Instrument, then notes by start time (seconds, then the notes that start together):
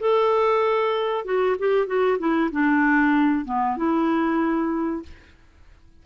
clarinet
0.00 A4
1.25 F#4
1.59 G4
1.87 F#4
2.19 E4
2.52 D4
3.45 B3
3.77 E4